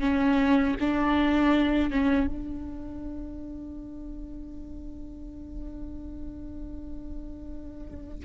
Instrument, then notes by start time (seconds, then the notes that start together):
viola
0.00 C#4
0.80 D4
1.91 C#4
2.27 D4